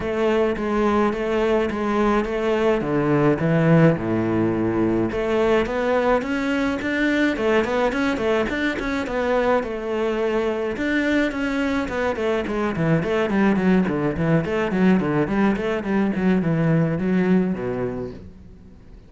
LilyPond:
\new Staff \with { instrumentName = "cello" } { \time 4/4 \tempo 4 = 106 a4 gis4 a4 gis4 | a4 d4 e4 a,4~ | a,4 a4 b4 cis'4 | d'4 a8 b8 cis'8 a8 d'8 cis'8 |
b4 a2 d'4 | cis'4 b8 a8 gis8 e8 a8 g8 | fis8 d8 e8 a8 fis8 d8 g8 a8 | g8 fis8 e4 fis4 b,4 | }